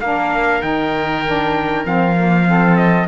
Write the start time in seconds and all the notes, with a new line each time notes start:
0.00 A#3 D4 A#4 F5
0.61 D#3 D#4 G5
1.26 D4
1.84 F3 C4 F5
2.16 A#3
2.46 C4 A4
2.76 D#5